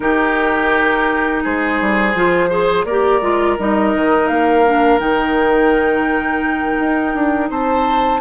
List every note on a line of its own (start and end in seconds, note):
0.00 1.43 D#3
0.00 2.11 D#4
0.00 1.43 G4
0.00 1.42 A#4
1.43 1.81 G#3
1.43 2.49 G#4
1.43 2.85 C5
1.81 2.15 G3
2.15 2.84 F3
2.15 2.49 F4
2.49 2.85 G#4
2.49 2.85 C5
2.84 3.20 A#3
2.84 3.21 G4
2.84 7.49 A#4
2.84 3.57 D5
3.21 3.57 G#3
3.21 3.57 F4
3.58 3.94 G3
3.58 4.65 D#4
3.58 4.27 D#5
3.94 4.29 D#3
4.27 4.99 A#3
4.27 4.99 F5
4.65 4.98 D4
4.98 6.78 D#3
4.98 8.20 D#4
4.98 7.49 G5
6.79 7.14 D#4
7.14 7.50 D4
7.49 8.21 C4
7.49 8.21 C5
7.49 8.21 A5